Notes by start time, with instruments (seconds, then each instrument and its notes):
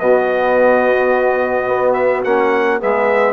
0.00 bassoon B2, trombone B3, saxophone F#4, trumpet D#5
1.68 bassoon B3
1.94 trumpet E5
2.25 bassoon A#3, trombone C#4, trumpet F#5
2.79 bassoon G#3, trombone B3, saxophone G#4, trumpet E5